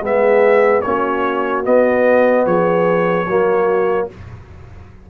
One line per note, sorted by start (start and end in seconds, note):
0.00 0.81 G#3
0.00 0.83 B3
0.00 0.83 G#4
0.00 0.81 E5
0.81 1.66 A#3
0.81 1.63 C#4
0.81 2.45 F#4
0.81 1.62 C#5
1.63 3.26 B3
1.63 2.45 B3
1.63 2.46 D#5
2.45 3.26 F3
2.45 3.26 G#4
2.45 4.08 C#5
3.26 4.08 F#3
3.26 4.10 A#3
3.26 4.07 F#4